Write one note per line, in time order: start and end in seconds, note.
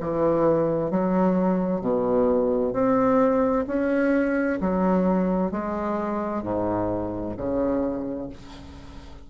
0.00 0.91 E3
0.91 1.81 F#3
1.81 2.73 B2
2.73 3.65 C4
3.67 4.59 C#4
4.61 5.51 F#3
5.51 6.42 G#3
6.42 7.35 G#2
7.37 8.29 C#3